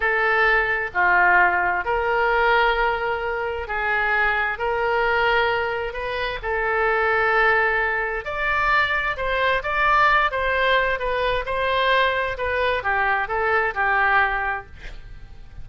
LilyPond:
\new Staff \with { instrumentName = "oboe" } { \time 4/4 \tempo 4 = 131 a'2 f'2 | ais'1 | gis'2 ais'2~ | ais'4 b'4 a'2~ |
a'2 d''2 | c''4 d''4. c''4. | b'4 c''2 b'4 | g'4 a'4 g'2 | }